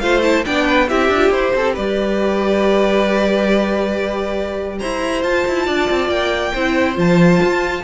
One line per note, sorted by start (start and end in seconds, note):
0.00 0.45 A3
0.00 0.23 F4
0.00 0.45 C5
0.00 0.22 F5
0.22 0.45 E4
0.22 0.44 A5
0.45 0.91 B3
0.45 0.88 D4
0.45 0.65 D5
0.45 0.89 G5
0.65 0.87 B4
0.89 1.09 C4
0.89 1.11 E4
0.89 1.54 G4
0.89 1.32 E5
1.09 1.30 D4
1.15 1.33 F4
1.30 1.52 E4
1.30 5.22 G4
1.30 1.75 C5
1.56 1.77 C4
1.56 1.74 A4
1.74 4.81 G3
1.74 4.78 B4
1.74 4.79 D5
4.79 5.23 E4
4.79 5.66 C5
4.79 5.22 A#5
5.22 6.53 F4
5.22 5.45 F4
5.22 6.10 A5
5.48 5.67 E4
5.66 5.89 D4
5.66 6.53 D5
5.90 6.09 C4
6.09 6.52 A#3
6.09 6.96 G5
6.53 6.97 C4
6.53 6.95 E4
6.53 7.83 C5
6.95 7.40 F3
6.95 7.82 F4
6.95 7.84 A5
7.42 7.84 F4